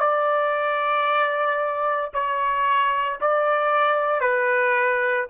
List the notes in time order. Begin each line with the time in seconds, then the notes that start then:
0.00 D5
2.14 C#5
3.21 D5
4.22 B4